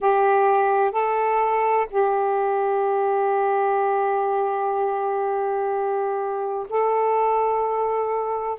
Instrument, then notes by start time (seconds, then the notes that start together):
saxophone
0.00 G4
0.91 A4
1.90 G4
6.69 A4